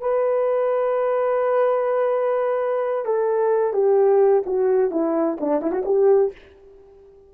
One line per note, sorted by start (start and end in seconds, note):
0.00 3.05 B4
3.05 3.73 A4
3.73 4.43 G4
4.46 4.90 F#4
4.90 5.37 E4
5.40 5.61 D4
5.61 5.71 E4
5.71 5.83 F#4
5.85 6.32 G4